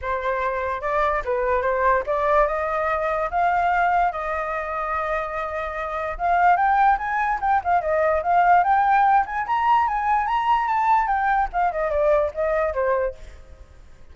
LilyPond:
\new Staff \with { instrumentName = "flute" } { \time 4/4 \tempo 4 = 146 c''2 d''4 b'4 | c''4 d''4 dis''2 | f''2 dis''2~ | dis''2. f''4 |
g''4 gis''4 g''8 f''8 dis''4 | f''4 g''4. gis''8 ais''4 | gis''4 ais''4 a''4 g''4 | f''8 dis''8 d''4 dis''4 c''4 | }